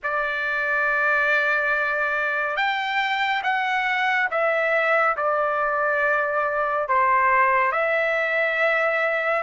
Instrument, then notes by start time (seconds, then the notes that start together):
trumpet
0.03 D5
2.56 G5
3.43 F#5
4.31 E5
5.17 D5
6.88 C5
7.71 E5